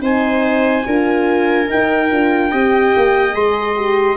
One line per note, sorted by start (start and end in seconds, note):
0.00 0.83 C4
0.00 0.84 D#4
0.00 0.85 C5
0.00 1.70 G#5
0.84 1.69 D4
0.84 1.67 F4
0.84 2.51 A#4
1.67 2.09 D#4
1.67 3.34 G5
1.73 2.11 D#4
2.11 2.52 D4
2.11 2.51 F4
2.51 2.94 C4
2.51 3.32 G4
2.51 4.17 D#5
2.96 3.34 A#3
3.32 4.17 G#3
3.32 3.74 G#4
3.32 4.17 C6
3.76 4.17 G4